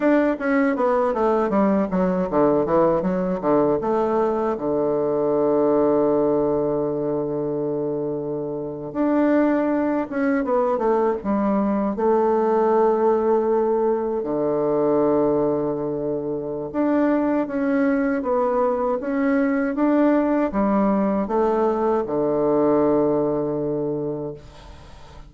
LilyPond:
\new Staff \with { instrumentName = "bassoon" } { \time 4/4 \tempo 4 = 79 d'8 cis'8 b8 a8 g8 fis8 d8 e8 | fis8 d8 a4 d2~ | d2.~ d8. d'16~ | d'4~ d'16 cis'8 b8 a8 g4 a16~ |
a2~ a8. d4~ d16~ | d2 d'4 cis'4 | b4 cis'4 d'4 g4 | a4 d2. | }